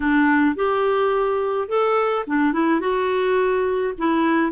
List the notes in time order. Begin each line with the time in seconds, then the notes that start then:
0.00 D4
0.55 G4
1.68 A4
2.26 D4
2.52 E4
2.80 F#4
3.98 E4